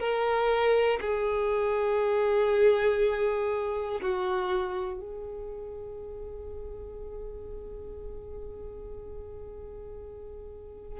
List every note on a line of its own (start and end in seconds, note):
0.00 1.00 A#4
1.01 4.01 G#4
4.02 5.00 F#4
5.00 11.00 G#4